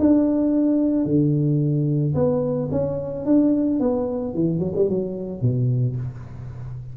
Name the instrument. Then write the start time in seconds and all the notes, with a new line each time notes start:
tuba
0.00 D4
1.05 D3
2.15 B3
2.72 C#4
3.26 D4
3.80 B3
4.34 E3
4.59 F#3
4.76 G3
4.90 F#3
5.42 B2